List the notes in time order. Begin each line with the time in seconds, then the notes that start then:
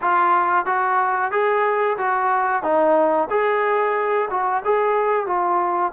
0.01 F4
0.65 F#4
1.31 G#4
1.97 F#4
2.62 D#4
3.30 G#4
4.30 F#4
4.65 G#4
5.26 F4